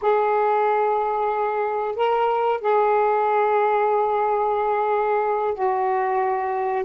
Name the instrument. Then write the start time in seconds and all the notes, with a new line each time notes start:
saxophone
0.01 G#4
1.95 A#4
2.61 G#4
5.54 F#4